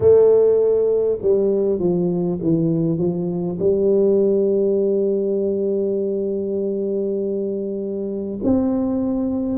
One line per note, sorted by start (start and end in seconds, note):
0.00 1.18 A3
1.21 1.79 G3
1.79 2.39 F3
2.42 2.97 E3
2.97 3.57 F3
3.59 8.39 G3
8.43 9.58 C4